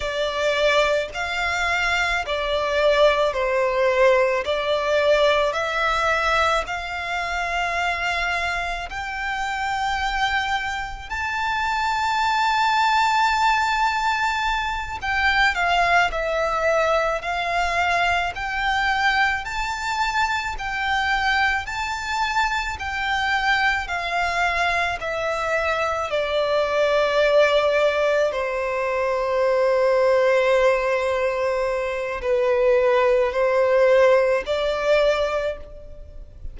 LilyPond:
\new Staff \with { instrumentName = "violin" } { \time 4/4 \tempo 4 = 54 d''4 f''4 d''4 c''4 | d''4 e''4 f''2 | g''2 a''2~ | a''4. g''8 f''8 e''4 f''8~ |
f''8 g''4 a''4 g''4 a''8~ | a''8 g''4 f''4 e''4 d''8~ | d''4. c''2~ c''8~ | c''4 b'4 c''4 d''4 | }